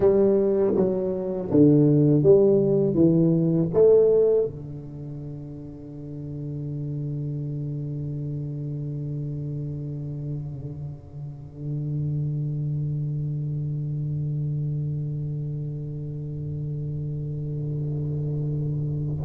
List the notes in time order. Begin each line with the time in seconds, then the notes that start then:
0.00 G3
0.76 F#3
1.51 D3
2.22 G3
2.94 E3
3.73 A3
4.45 D3